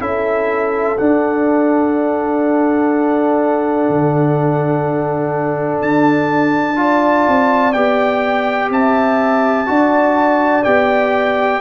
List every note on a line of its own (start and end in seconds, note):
0.00 0.98 C#4
0.00 0.97 E4
0.00 6.77 A4
0.00 0.98 E5
0.98 6.76 D4
0.98 3.89 D4
0.98 5.82 F#5
3.89 5.82 D3
5.82 7.27 D4
5.82 7.73 A5
6.76 7.73 F4
6.76 8.72 D5
7.28 7.75 C4
7.73 8.70 B3
7.73 9.67 G4
7.73 8.70 G5
8.70 9.67 C4
8.70 9.70 E5
8.70 10.64 A5
9.67 10.66 D4
9.67 10.64 F#4
9.67 11.61 D5
10.64 11.61 B3
10.64 11.61 G4
10.64 11.61 G5